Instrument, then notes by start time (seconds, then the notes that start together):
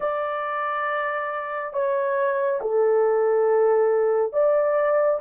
horn
0.00 D5
1.73 C#5
2.61 A4
4.32 D5